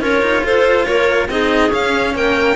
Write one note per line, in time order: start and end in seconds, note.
0.00 0.21 C#4
0.00 1.28 F4
0.00 0.43 A#4
0.00 0.45 C#5
0.21 0.43 D#4
0.43 0.86 F4
0.43 0.86 A4
0.43 0.85 C5
0.85 1.28 A#3
0.85 1.29 A#4
0.85 1.27 C#5
1.28 1.71 C4
1.28 1.69 D#4
1.28 2.14 G#4
1.28 1.72 D#5
1.69 2.54 C#4
1.69 2.14 C#4
1.69 2.15 F5
2.14 2.56 A#3
2.14 2.56 A#4
2.14 2.56 G5